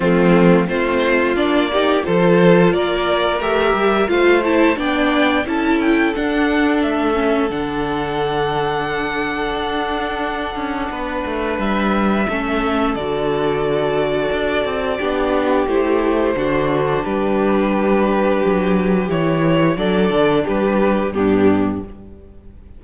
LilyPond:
<<
  \new Staff \with { instrumentName = "violin" } { \time 4/4 \tempo 4 = 88 f'4 c''4 d''4 c''4 | d''4 e''4 f''8 a''8 g''4 | a''8 g''8 fis''4 e''4 fis''4~ | fis''1~ |
fis''4 e''2 d''4~ | d''2. c''4~ | c''4 b'2. | cis''4 d''4 b'4 g'4 | }
  \new Staff \with { instrumentName = "violin" } { \time 4/4 c'4 f'4. g'8 a'4 | ais'2 c''4 d''4 | a'1~ | a'1 |
b'2 a'2~ | a'2 g'2 | fis'4 g'2.~ | g'4 a'4 g'4 d'4 | }
  \new Staff \with { instrumentName = "viola" } { \time 4/4 a4 c'4 d'8 dis'8 f'4~ | f'4 g'4 f'8 e'8 d'4 | e'4 d'4. cis'8 d'4~ | d'1~ |
d'2 cis'4 fis'4~ | fis'2 d'4 e'4 | d'1 | e'4 d'2 b4 | }
  \new Staff \with { instrumentName = "cello" } { \time 4/4 f4 a4 ais4 f4 | ais4 a8 g8 a4 b4 | cis'4 d'4 a4 d4~ | d2 d'4. cis'8 |
b8 a8 g4 a4 d4~ | d4 d'8 c'8 b4 a4 | d4 g2 fis4 | e4 fis8 d8 g4 g,4 | }
>>